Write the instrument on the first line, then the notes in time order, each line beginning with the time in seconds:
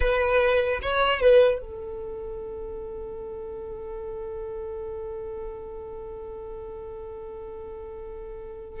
violin
0.00 B4
0.82 C#5
1.20 B4
1.60 A4